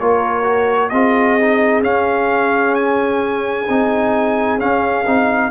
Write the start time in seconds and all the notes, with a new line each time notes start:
0.00 A#3 F4 A#4 C#5
0.43 F#4
0.89 C4 F4 G#4 D#5
1.40 D#4
1.83 C#4 F5
2.75 G#5
3.69 C4 D#4
4.59 C#4 F5
5.07 C4 D#4